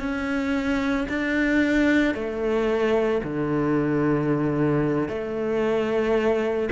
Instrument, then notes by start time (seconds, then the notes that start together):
cello
0.00 C#4
1.09 D4
2.15 A3
3.24 D3
5.09 A3